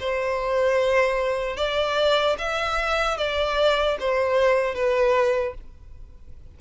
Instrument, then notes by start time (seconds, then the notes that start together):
violin
0.00 C5
1.57 D5
2.39 E5
3.18 D5
4.00 C5
4.75 B4